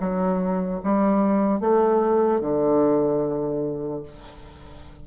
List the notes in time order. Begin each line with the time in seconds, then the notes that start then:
0.00 F#3
0.84 G3
1.60 A3
2.41 D3